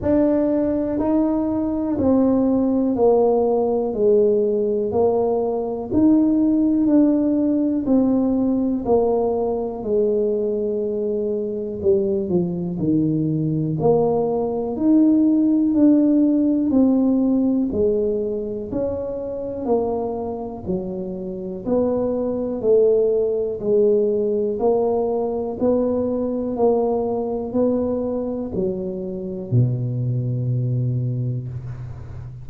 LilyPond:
\new Staff \with { instrumentName = "tuba" } { \time 4/4 \tempo 4 = 61 d'4 dis'4 c'4 ais4 | gis4 ais4 dis'4 d'4 | c'4 ais4 gis2 | g8 f8 dis4 ais4 dis'4 |
d'4 c'4 gis4 cis'4 | ais4 fis4 b4 a4 | gis4 ais4 b4 ais4 | b4 fis4 b,2 | }